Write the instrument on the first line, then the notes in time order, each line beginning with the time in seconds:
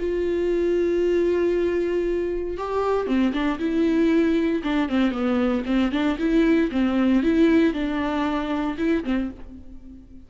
viola
0.00 F4
2.58 G4
3.07 C4
3.33 D4
3.59 E4
4.64 D4
4.89 C4
5.12 B3
5.66 C4
5.92 D4
6.19 E4
6.72 C4
7.23 E4
7.74 D4
8.78 E4
9.05 C4